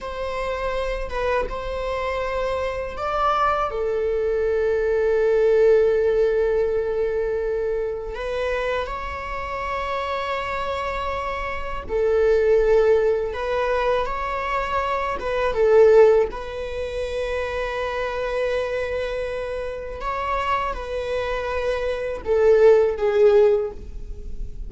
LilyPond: \new Staff \with { instrumentName = "viola" } { \time 4/4 \tempo 4 = 81 c''4. b'8 c''2 | d''4 a'2.~ | a'2. b'4 | cis''1 |
a'2 b'4 cis''4~ | cis''8 b'8 a'4 b'2~ | b'2. cis''4 | b'2 a'4 gis'4 | }